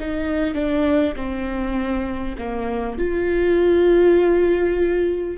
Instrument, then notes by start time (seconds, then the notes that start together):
viola
0.00 D#4
0.54 D4
1.16 C4
2.38 A#3
2.98 F4